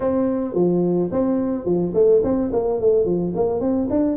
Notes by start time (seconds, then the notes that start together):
0.00 C4
0.54 F3
1.11 C4
1.65 F3
1.94 A3
2.23 C4
2.52 A#3
2.80 A3
3.05 F3
3.35 A#3
3.60 C4
3.90 D4